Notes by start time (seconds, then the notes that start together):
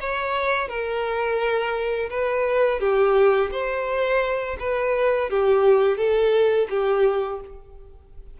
0.00 C#5
0.68 A#4
2.10 B4
2.79 G4
3.51 C5
4.59 B4
5.30 G4
5.97 A4
6.69 G4